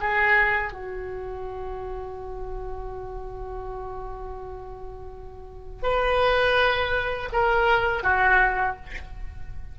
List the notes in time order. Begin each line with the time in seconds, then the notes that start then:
0.00 G#4
0.72 F#4
5.83 B4
7.32 A#4
8.03 F#4